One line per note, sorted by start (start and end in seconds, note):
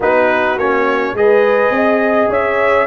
0.00 0.57 B3
0.00 0.59 D#4
0.00 1.15 F#4
0.00 0.58 B4
0.57 1.13 A#3
0.57 1.17 C#4
0.57 1.16 C#5
1.13 1.70 G#3
1.13 2.87 G#4
1.13 2.31 D#5
1.19 1.75 B4
1.70 2.28 C4
1.70 2.30 D#5
2.29 2.87 C#4
2.29 2.87 C#5
2.29 2.87 E5